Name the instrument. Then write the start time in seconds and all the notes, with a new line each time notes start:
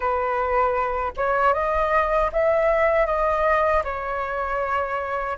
flute
0.00 B4
1.16 C#5
1.53 D#5
2.32 E5
3.06 D#5
3.84 C#5